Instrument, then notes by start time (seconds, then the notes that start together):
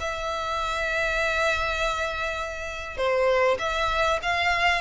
violin
0.00 E5
2.97 C5
3.59 E5
4.22 F5